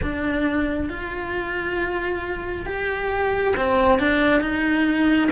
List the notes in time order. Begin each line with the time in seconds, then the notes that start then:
0.02 D4
0.89 F4
2.66 G4
3.56 C4
3.99 D4
4.40 D#4